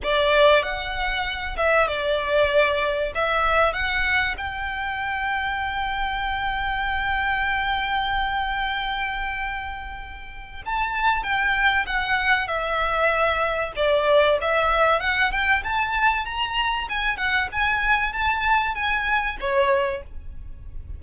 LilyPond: \new Staff \with { instrumentName = "violin" } { \time 4/4 \tempo 4 = 96 d''4 fis''4. e''8 d''4~ | d''4 e''4 fis''4 g''4~ | g''1~ | g''1~ |
g''4 a''4 g''4 fis''4 | e''2 d''4 e''4 | fis''8 g''8 a''4 ais''4 gis''8 fis''8 | gis''4 a''4 gis''4 cis''4 | }